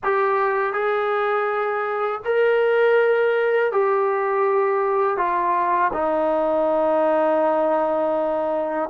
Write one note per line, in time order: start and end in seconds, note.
0.03 0.73 G4
0.73 2.21 G#4
2.25 3.71 A#4
3.71 5.17 G4
5.17 5.91 F4
5.93 8.89 D#4